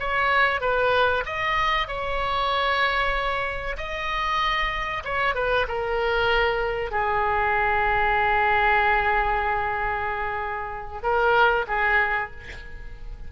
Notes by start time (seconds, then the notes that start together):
0.00 C#5
0.61 B4
1.26 D#5
1.88 C#5
3.78 D#5
5.05 C#5
5.35 B4
5.68 A#4
6.92 G#4
11.03 A#4
11.68 G#4